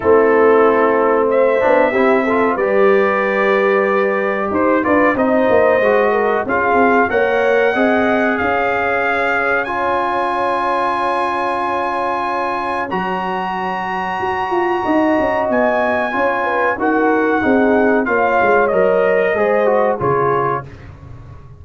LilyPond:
<<
  \new Staff \with { instrumentName = "trumpet" } { \time 4/4 \tempo 4 = 93 a'2 e''2 | d''2. c''8 d''8 | dis''2 f''4 fis''4~ | fis''4 f''2 gis''4~ |
gis''1 | ais''1 | gis''2 fis''2 | f''4 dis''2 cis''4 | }
  \new Staff \with { instrumentName = "horn" } { \time 4/4 e'2 c''4 g'8 a'8 | b'2. c''8 b'8 | c''4. ais'8 gis'4 cis''4 | dis''4 cis''2.~ |
cis''1~ | cis''2. dis''4~ | dis''4 cis''8 b'8 ais'4 gis'4 | cis''2 c''4 gis'4 | }
  \new Staff \with { instrumentName = "trombone" } { \time 4/4 c'2~ c'8 d'8 e'8 f'8 | g'2.~ g'8 f'8 | dis'4 fis'4 f'4 ais'4 | gis'2. f'4~ |
f'1 | fis'1~ | fis'4 f'4 fis'4 dis'4 | f'4 ais'4 gis'8 fis'8 f'4 | }
  \new Staff \with { instrumentName = "tuba" } { \time 4/4 a2~ a8 b8 c'4 | g2. dis'8 d'8 | c'8 ais8 gis4 cis'8 c'8 ais4 | c'4 cis'2.~ |
cis'1 | fis2 fis'8 f'8 dis'8 cis'8 | b4 cis'4 dis'4 c'4 | ais8 gis8 fis4 gis4 cis4 | }
>>